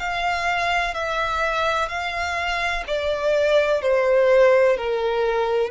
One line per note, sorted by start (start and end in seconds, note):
0.00 0.94 F5
0.94 1.89 E5
1.89 2.84 F5
2.87 3.82 D5
3.82 4.77 C5
4.77 5.71 A#4